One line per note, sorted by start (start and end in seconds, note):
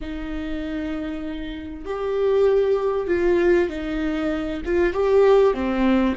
0.00 1.85 D#4
1.85 3.07 G4
3.07 3.69 F4
3.69 4.62 D#4
4.65 4.93 F4
4.93 5.54 G4
5.54 6.15 C4